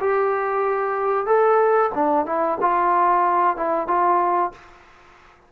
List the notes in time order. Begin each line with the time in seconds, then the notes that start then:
0.00 G4
1.26 A4
1.95 D4
2.26 E4
2.61 F4
3.57 E4
3.87 F4